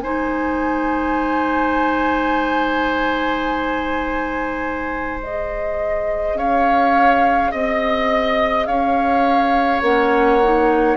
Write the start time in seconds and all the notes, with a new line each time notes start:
0.00 G#3 D#4 C5 G#5
5.22 G#4 D#5
6.34 C#4 C#5 F5
7.51 C4 D#5
8.66 C#4 C#5 F5
9.81 A#3 C#4 F#5
10.43 D#4